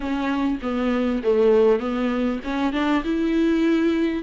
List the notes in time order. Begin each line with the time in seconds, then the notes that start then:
0.00 C#4
0.61 B3
1.23 A3
1.79 B3
2.44 C#4
2.72 D4
3.04 E4